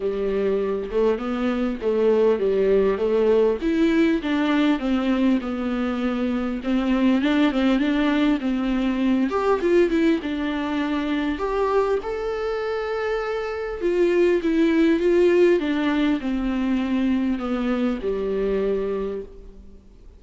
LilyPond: \new Staff \with { instrumentName = "viola" } { \time 4/4 \tempo 4 = 100 g4. a8 b4 a4 | g4 a4 e'4 d'4 | c'4 b2 c'4 | d'8 c'8 d'4 c'4. g'8 |
f'8 e'8 d'2 g'4 | a'2. f'4 | e'4 f'4 d'4 c'4~ | c'4 b4 g2 | }